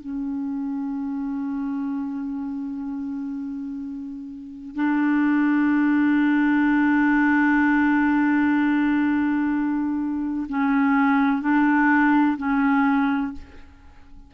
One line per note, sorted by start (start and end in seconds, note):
0.00 4.75 C#4
4.75 10.47 D4
10.49 11.42 C#4
11.42 12.37 D4
12.37 13.32 C#4